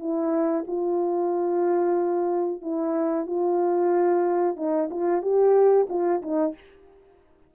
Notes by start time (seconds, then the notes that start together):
0.00 E4
0.67 F4
2.62 E4
3.27 F4
4.57 D#4
4.91 F4
5.22 G4
5.89 F4
6.22 D#4